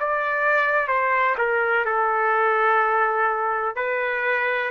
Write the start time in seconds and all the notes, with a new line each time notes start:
0.00 D5
0.88 C5
1.38 A#4
1.85 A4
3.76 B4